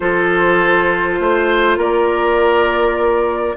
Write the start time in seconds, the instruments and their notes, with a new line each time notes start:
0.00 bassoon F3, clarinet F4, oboe A4, flute C5
1.19 bassoon A3, oboe C5
1.76 bassoon A#3, oboe A#4, flute D5